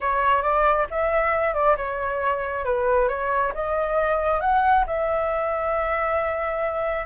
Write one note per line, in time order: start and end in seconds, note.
0.00 0.42 C#5
0.42 0.86 D5
0.90 1.54 E5
1.54 1.76 D5
1.76 2.64 C#5
2.64 3.08 B4
3.08 3.52 C#5
3.54 4.40 D#5
4.40 4.84 F#5
4.86 7.05 E5